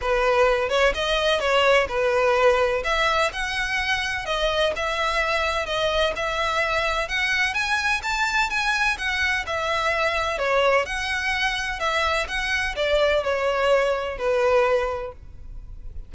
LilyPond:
\new Staff \with { instrumentName = "violin" } { \time 4/4 \tempo 4 = 127 b'4. cis''8 dis''4 cis''4 | b'2 e''4 fis''4~ | fis''4 dis''4 e''2 | dis''4 e''2 fis''4 |
gis''4 a''4 gis''4 fis''4 | e''2 cis''4 fis''4~ | fis''4 e''4 fis''4 d''4 | cis''2 b'2 | }